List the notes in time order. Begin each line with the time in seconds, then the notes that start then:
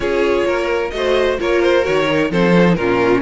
0.00 C#4 F4 G#4 C#5
0.45 A#3 A#4
0.90 A3 F#4 D#5
0.96 C5
1.38 A#3 F4 A#4 C#5
1.62 C5
1.82 D#3 F#4 C#5
2.06 D#4
2.30 F3 C4 A4 C5
2.54 C#4
2.65 D#4
2.74 A#2 C#4 F4 A#4